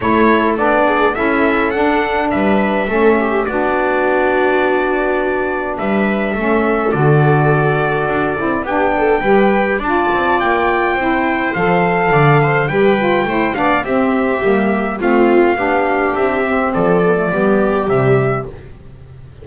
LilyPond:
<<
  \new Staff \with { instrumentName = "trumpet" } { \time 4/4 \tempo 4 = 104 cis''4 d''4 e''4 fis''4 | e''2 d''2~ | d''2 e''2 | d''2. g''4~ |
g''4 a''4 g''2 | f''2 g''4. f''8 | e''2 f''2 | e''4 d''2 e''4 | }
  \new Staff \with { instrumentName = "viola" } { \time 4/4 a'4. gis'8 a'2 | b'4 a'8 g'8 fis'2~ | fis'2 b'4 a'4~ | a'2. g'8 a'8 |
b'4 d''2 c''4~ | c''4 d''8 c''8 b'4 c''8 d''8 | g'2 f'4 g'4~ | g'4 a'4 g'2 | }
  \new Staff \with { instrumentName = "saxophone" } { \time 4/4 e'4 d'4 e'4 d'4~ | d'4 cis'4 d'2~ | d'2. cis'4 | fis'2~ fis'8 e'8 d'4 |
g'4 f'2 e'4 | a'2 g'8 f'8 e'8 d'8 | c'4 ais4 c'4 d'4~ | d'8 c'4 b16 a16 b4 g4 | }
  \new Staff \with { instrumentName = "double bass" } { \time 4/4 a4 b4 cis'4 d'4 | g4 a4 b2~ | b2 g4 a4 | d2 d'8 c'8 b4 |
g4 d'8 c'8 ais4 c'4 | f4 d4 g4 a8 b8 | c'4 g4 a4 b4 | c'4 f4 g4 c4 | }
>>